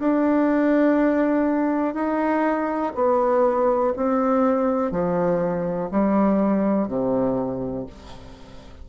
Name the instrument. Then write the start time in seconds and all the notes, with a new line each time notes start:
bassoon
0.00 D4
1.95 D#4
2.96 B3
3.97 C4
4.92 F3
5.92 G3
6.88 C3